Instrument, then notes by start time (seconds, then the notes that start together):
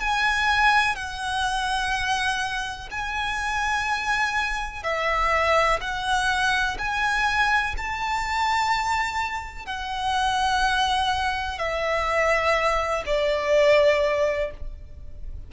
violin
0.00 G#5
0.95 F#5
2.91 G#5
4.83 E5
5.81 F#5
6.78 G#5
7.77 A5
9.66 F#5
11.58 E5
13.06 D5